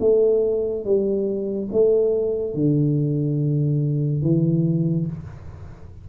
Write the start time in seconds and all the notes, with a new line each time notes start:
0.00 A3
0.85 G3
1.72 A3
2.54 D3
4.22 E3